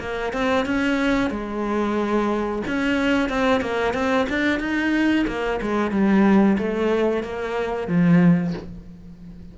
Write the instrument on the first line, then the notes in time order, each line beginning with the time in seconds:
cello
0.00 A#3
0.33 C4
0.66 C#4
1.31 G#3
2.67 C#4
3.30 C4
3.61 A#3
3.94 C4
4.29 D4
4.60 D#4
5.27 A#3
5.62 G#3
5.92 G3
6.58 A3
7.23 A#3
7.88 F3